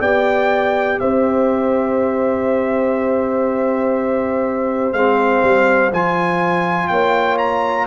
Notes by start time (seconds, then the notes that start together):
0.00 B3 G4 D5 G5
1.00 C4 C5 E5
4.92 G#3 C4 F5
5.43 G3
5.92 F3 F4 G#5
6.88 A#3 C#5 G5
7.38 A#5